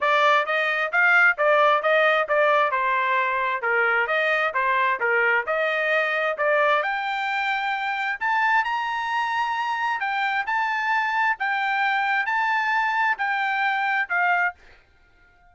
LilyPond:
\new Staff \with { instrumentName = "trumpet" } { \time 4/4 \tempo 4 = 132 d''4 dis''4 f''4 d''4 | dis''4 d''4 c''2 | ais'4 dis''4 c''4 ais'4 | dis''2 d''4 g''4~ |
g''2 a''4 ais''4~ | ais''2 g''4 a''4~ | a''4 g''2 a''4~ | a''4 g''2 f''4 | }